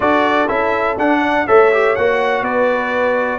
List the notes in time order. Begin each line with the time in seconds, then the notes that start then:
0.00 D4 F#4 A4 D5
0.48 C#4 E4 E5
0.97 D4 F#5
1.20 D5
1.46 A3 A4 C#5 E5
1.72 G4
1.95 A#3 F#4 F#5
2.41 B3 B4 D5